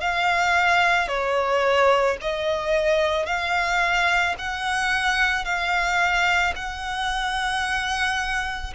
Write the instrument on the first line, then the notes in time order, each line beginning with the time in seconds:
violin
0.00 F5
1.08 C#5
2.21 D#5
3.26 F5
4.38 F#5
5.44 F5
6.55 F#5